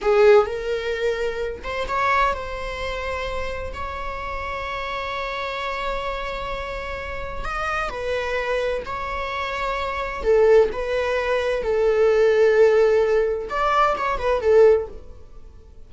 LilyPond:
\new Staff \with { instrumentName = "viola" } { \time 4/4 \tempo 4 = 129 gis'4 ais'2~ ais'8 c''8 | cis''4 c''2. | cis''1~ | cis''1 |
dis''4 b'2 cis''4~ | cis''2 a'4 b'4~ | b'4 a'2.~ | a'4 d''4 cis''8 b'8 a'4 | }